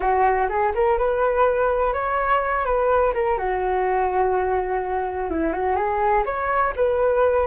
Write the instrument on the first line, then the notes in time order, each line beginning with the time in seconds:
flute
0.00 F#4
0.48 G#4
0.74 A#4
0.97 B4
1.93 C#5
2.65 B4
3.13 A#4
3.38 F#4
5.30 E4
5.52 F#4
5.76 G#4
6.25 C#5
6.75 B4